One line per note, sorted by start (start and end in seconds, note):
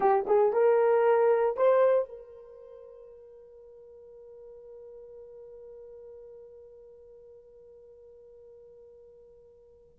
0.00 0.25 G4
0.26 0.53 G#4
0.53 1.56 A#4
1.56 2.08 C5
2.08 9.98 A#4